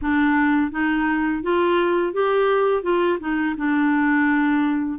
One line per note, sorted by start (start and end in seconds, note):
0.01 0.71 D4
0.71 1.42 D#4
1.42 2.13 F4
2.13 2.82 G4
2.82 3.18 F4
3.19 3.55 D#4
3.56 4.99 D4